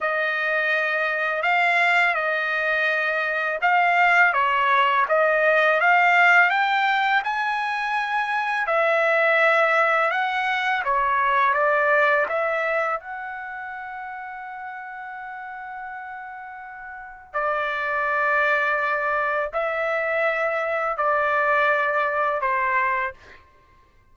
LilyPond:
\new Staff \with { instrumentName = "trumpet" } { \time 4/4 \tempo 4 = 83 dis''2 f''4 dis''4~ | dis''4 f''4 cis''4 dis''4 | f''4 g''4 gis''2 | e''2 fis''4 cis''4 |
d''4 e''4 fis''2~ | fis''1 | d''2. e''4~ | e''4 d''2 c''4 | }